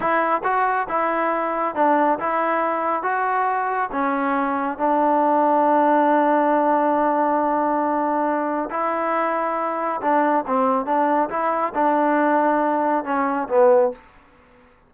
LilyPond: \new Staff \with { instrumentName = "trombone" } { \time 4/4 \tempo 4 = 138 e'4 fis'4 e'2 | d'4 e'2 fis'4~ | fis'4 cis'2 d'4~ | d'1~ |
d'1 | e'2. d'4 | c'4 d'4 e'4 d'4~ | d'2 cis'4 b4 | }